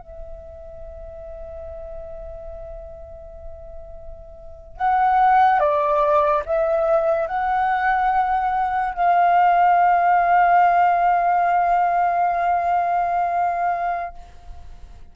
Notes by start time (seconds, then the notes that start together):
0.00 E5
4.77 F#5
5.60 D5
6.46 E5
7.28 F#5
8.95 F5